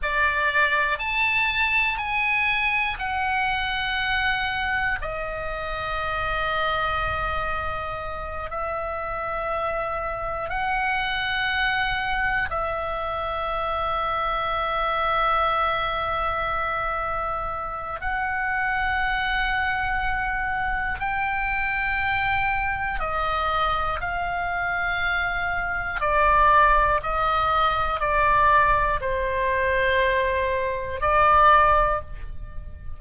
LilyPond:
\new Staff \with { instrumentName = "oboe" } { \time 4/4 \tempo 4 = 60 d''4 a''4 gis''4 fis''4~ | fis''4 dis''2.~ | dis''8 e''2 fis''4.~ | fis''8 e''2.~ e''8~ |
e''2 fis''2~ | fis''4 g''2 dis''4 | f''2 d''4 dis''4 | d''4 c''2 d''4 | }